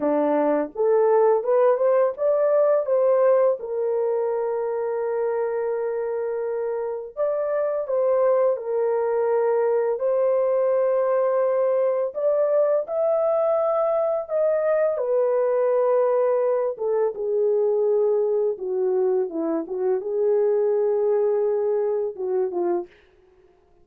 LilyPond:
\new Staff \with { instrumentName = "horn" } { \time 4/4 \tempo 4 = 84 d'4 a'4 b'8 c''8 d''4 | c''4 ais'2.~ | ais'2 d''4 c''4 | ais'2 c''2~ |
c''4 d''4 e''2 | dis''4 b'2~ b'8 a'8 | gis'2 fis'4 e'8 fis'8 | gis'2. fis'8 f'8 | }